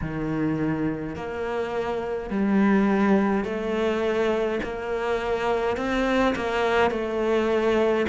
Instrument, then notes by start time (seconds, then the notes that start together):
cello
0.01 D#3
1.15 A#3
2.30 G3
3.44 A3
4.63 A#3
5.76 C4
6.35 A#3
6.90 A3